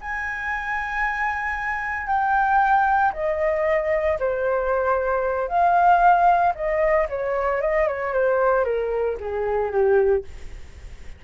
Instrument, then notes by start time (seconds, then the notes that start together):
flute
0.00 G#5
2.06 G5
3.13 D#5
4.19 C5
5.48 F5
6.55 D#5
7.09 C#5
7.61 D#5
7.87 C#5
8.13 C5
8.64 A#4
9.20 G#4
9.71 G4